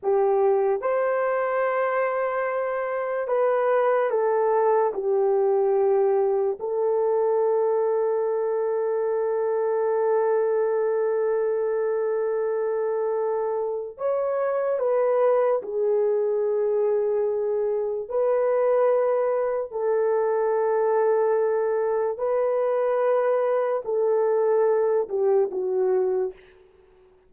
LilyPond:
\new Staff \with { instrumentName = "horn" } { \time 4/4 \tempo 4 = 73 g'4 c''2. | b'4 a'4 g'2 | a'1~ | a'1~ |
a'4 cis''4 b'4 gis'4~ | gis'2 b'2 | a'2. b'4~ | b'4 a'4. g'8 fis'4 | }